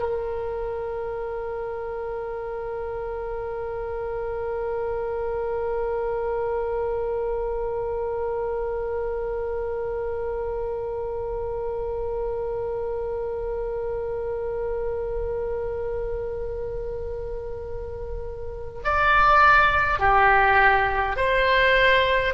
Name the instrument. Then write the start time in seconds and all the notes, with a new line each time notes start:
oboe
0.00 A#4
18.84 D5
19.99 G4
21.17 C5